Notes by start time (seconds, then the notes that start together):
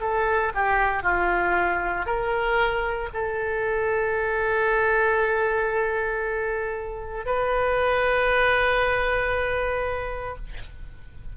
0.00 A4
0.54 G4
1.03 F4
2.05 A#4
3.13 A4
7.26 B4